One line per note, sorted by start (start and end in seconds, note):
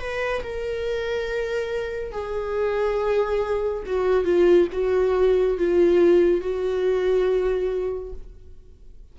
0.00 0.43 B4
0.43 2.13 A#4
2.13 3.84 G#4
3.86 4.25 F#4
4.25 4.68 F4
4.73 5.58 F#4
5.58 6.41 F4
6.41 8.13 F#4